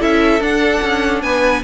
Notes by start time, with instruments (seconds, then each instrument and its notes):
0.00 cello C#4, viola E4, violin A4 E5
0.40 cello D4, viola D4, violin F#5
0.83 cello C#4
1.23 cello B3, violin B4 G#5